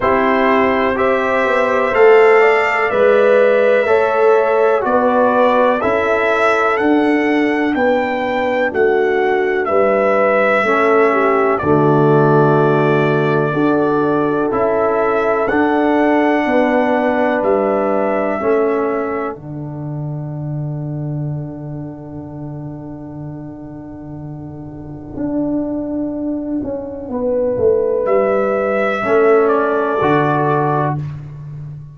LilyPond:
<<
  \new Staff \with { instrumentName = "trumpet" } { \time 4/4 \tempo 4 = 62 c''4 e''4 f''4 e''4~ | e''4 d''4 e''4 fis''4 | g''4 fis''4 e''2 | d''2. e''4 |
fis''2 e''2 | fis''1~ | fis''1~ | fis''4 e''4. d''4. | }
  \new Staff \with { instrumentName = "horn" } { \time 4/4 g'4 c''4. d''4. | cis''4 b'4 a'2 | b'4 fis'4 b'4 a'8 g'8 | fis'2 a'2~ |
a'4 b'2 a'4~ | a'1~ | a'1 | b'2 a'2 | }
  \new Staff \with { instrumentName = "trombone" } { \time 4/4 e'4 g'4 a'4 b'4 | a'4 fis'4 e'4 d'4~ | d'2. cis'4 | a2 fis'4 e'4 |
d'2. cis'4 | d'1~ | d'1~ | d'2 cis'4 fis'4 | }
  \new Staff \with { instrumentName = "tuba" } { \time 4/4 c'4. b8 a4 gis4 | a4 b4 cis'4 d'4 | b4 a4 g4 a4 | d2 d'4 cis'4 |
d'4 b4 g4 a4 | d1~ | d2 d'4. cis'8 | b8 a8 g4 a4 d4 | }
>>